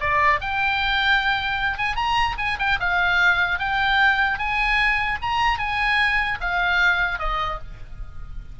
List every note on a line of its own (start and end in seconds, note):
0.00 0.40 D5
0.40 1.78 G5
1.78 1.96 G#5
1.96 2.36 A#5
2.38 2.58 G#5
2.59 2.79 G5
2.80 3.59 F5
3.59 4.39 G5
4.39 5.19 G#5
5.22 5.59 A#5
5.59 6.39 G#5
6.41 7.19 F5
7.19 7.59 D#5